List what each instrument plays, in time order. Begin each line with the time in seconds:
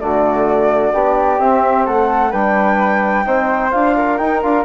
0.00 bassoon D3, trombone A3, flute F#4 D5
0.93 bassoon B3, trombone D4, flute G4
1.39 bassoon C4, trombone C4, flute E5
1.86 bassoon A3, flute A4 F#5
2.31 bassoon G3, trombone D4, flute B4 G5
3.25 bassoon C4, trombone D#4, flute C5
3.71 bassoon D4, trombone F4, flute F5
3.97 flute A#4
4.18 trombone D#4, bassoon D#4, flute G5
4.42 bassoon D4, trombone F4, flute F5